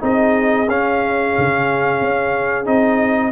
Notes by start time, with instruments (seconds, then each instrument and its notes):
0.00 tuba C4, trombone D#4, horn G#4, trumpet D#5
0.68 tuba C#4, trombone C#4, trumpet F5
1.38 tuba C#3
2.02 tuba C#4
2.65 tuba C4, trombone D#4, trumpet D#5